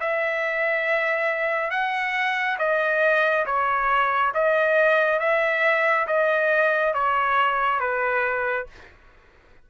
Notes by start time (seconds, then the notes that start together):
0.00 E5
1.70 F#5
2.58 D#5
3.45 C#5
4.34 D#5
5.19 E5
6.07 D#5
6.94 C#5
7.79 B4